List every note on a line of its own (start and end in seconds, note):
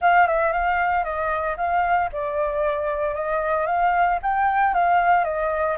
0.01 0.27 F5
0.27 0.52 E5
0.52 1.04 F5
1.04 1.56 D#5
1.56 2.09 F5
2.12 3.14 D5
3.14 3.66 D#5
3.66 4.19 F5
4.22 4.74 G5
4.74 5.24 F5
5.24 5.77 D#5